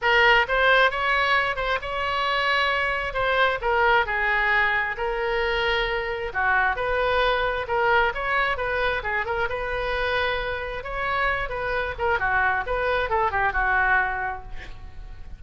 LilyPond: \new Staff \with { instrumentName = "oboe" } { \time 4/4 \tempo 4 = 133 ais'4 c''4 cis''4. c''8 | cis''2. c''4 | ais'4 gis'2 ais'4~ | ais'2 fis'4 b'4~ |
b'4 ais'4 cis''4 b'4 | gis'8 ais'8 b'2. | cis''4. b'4 ais'8 fis'4 | b'4 a'8 g'8 fis'2 | }